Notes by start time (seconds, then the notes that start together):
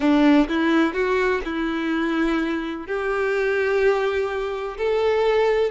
0.00 D4
0.48 E4
0.93 F#4
1.45 E4
2.87 G4
4.77 A4